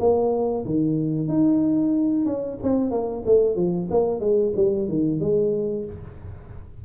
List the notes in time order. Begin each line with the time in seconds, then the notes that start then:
0.00 A#3
0.66 D#3
1.28 D#4
2.26 C#4
2.63 C4
2.91 A#3
3.26 A3
3.56 F3
3.91 A#3
4.20 G#3
4.57 G3
4.89 D#3
5.20 G#3